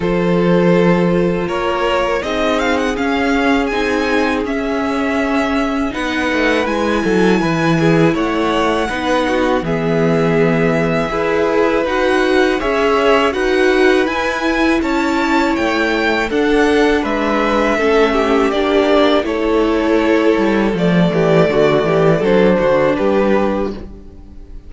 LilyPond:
<<
  \new Staff \with { instrumentName = "violin" } { \time 4/4 \tempo 4 = 81 c''2 cis''4 dis''8 f''16 fis''16 | f''4 gis''4 e''2 | fis''4 gis''2 fis''4~ | fis''4 e''2. |
fis''4 e''4 fis''4 gis''4 | a''4 g''4 fis''4 e''4~ | e''4 d''4 cis''2 | d''2 c''4 b'4 | }
  \new Staff \with { instrumentName = "violin" } { \time 4/4 a'2 ais'4 gis'4~ | gis'1 | b'4. a'8 b'8 gis'8 cis''4 | b'8 fis'8 gis'2 b'4~ |
b'4 cis''4 b'2 | cis''2 a'4 b'4 | a'8 g'4. a'2~ | a'8 g'8 fis'8 g'8 a'8 fis'8 g'4 | }
  \new Staff \with { instrumentName = "viola" } { \time 4/4 f'2. dis'4 | cis'4 dis'4 cis'2 | dis'4 e'2. | dis'4 b2 gis'4 |
fis'4 gis'4 fis'4 e'4~ | e'2 d'2 | cis'4 d'4 e'2 | a2 d'2 | }
  \new Staff \with { instrumentName = "cello" } { \time 4/4 f2 ais4 c'4 | cis'4 c'4 cis'2 | b8 a8 gis8 fis8 e4 a4 | b4 e2 e'4 |
dis'4 cis'4 dis'4 e'4 | cis'4 a4 d'4 gis4 | a4 ais4 a4. g8 | f8 e8 d8 e8 fis8 d8 g4 | }
>>